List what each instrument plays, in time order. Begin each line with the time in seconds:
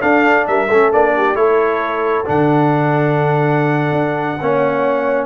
0.00 trombone D4, tuba D4, horn A4, trumpet F5
0.47 tuba G3, horn A#4, trumpet E5
0.68 tuba A3, trombone C#4, horn A4
0.93 tuba A#3, trombone D4, trumpet D5
1.17 horn G4
1.34 tuba A3, trombone E4, horn A4, trumpet C#5
2.25 tuba D3, trombone D4, trumpet F#5
3.91 tuba D4
4.40 tuba A#3, trombone C#4, horn C#5